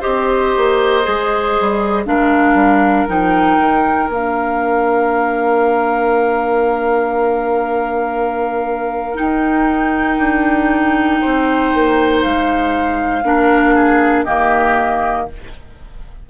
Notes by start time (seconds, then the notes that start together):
0.00 C4 G4 C5 D#5
0.57 A#3
1.04 G#3 G#4
1.60 G3
2.06 G#3 D4 A#4 F5
2.54 G3
3.08 F3 D#4 G5
3.58 D#3
4.09 A#3 D4 F5
9.15 D#4 G5
10.18 D4
11.21 C4 C5
11.74 A#3
12.22 G#3 F5
13.24 A#3 D4 A#4
13.75 G#4
14.24 D#3 A#3 G4 D#5